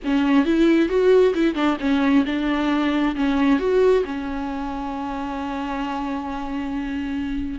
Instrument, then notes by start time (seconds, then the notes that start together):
viola
0.04 C#4
0.45 E4
0.88 F#4
1.34 E4
1.54 D4
1.80 C#4
2.25 D4
3.15 C#4
3.59 F#4
4.04 C#4